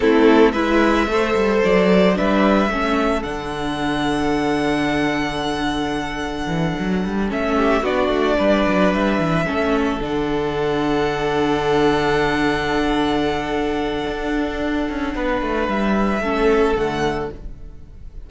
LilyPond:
<<
  \new Staff \with { instrumentName = "violin" } { \time 4/4 \tempo 4 = 111 a'4 e''2 d''4 | e''2 fis''2~ | fis''1~ | fis''4. e''4 d''4.~ |
d''8 e''2 fis''4.~ | fis''1~ | fis''1~ | fis''4 e''2 fis''4 | }
  \new Staff \with { instrumentName = "violin" } { \time 4/4 e'4 b'4 c''2 | b'4 a'2.~ | a'1~ | a'2 g'8 fis'4 b'8~ |
b'4. a'2~ a'8~ | a'1~ | a'1 | b'2 a'2 | }
  \new Staff \with { instrumentName = "viola" } { \time 4/4 c'4 e'4 a'2 | d'4 cis'4 d'2~ | d'1~ | d'4. cis'4 d'4.~ |
d'4. cis'4 d'4.~ | d'1~ | d'1~ | d'2 cis'4 a4 | }
  \new Staff \with { instrumentName = "cello" } { \time 4/4 a4 gis4 a8 g8 fis4 | g4 a4 d2~ | d1 | e8 fis8 g8 a4 b8 a8 g8 |
fis8 g8 e8 a4 d4.~ | d1~ | d2 d'4. cis'8 | b8 a8 g4 a4 d4 | }
>>